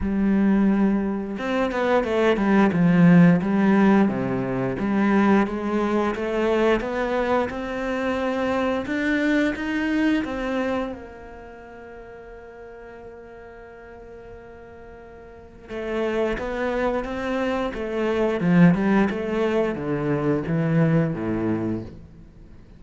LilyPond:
\new Staff \with { instrumentName = "cello" } { \time 4/4 \tempo 4 = 88 g2 c'8 b8 a8 g8 | f4 g4 c4 g4 | gis4 a4 b4 c'4~ | c'4 d'4 dis'4 c'4 |
ais1~ | ais2. a4 | b4 c'4 a4 f8 g8 | a4 d4 e4 a,4 | }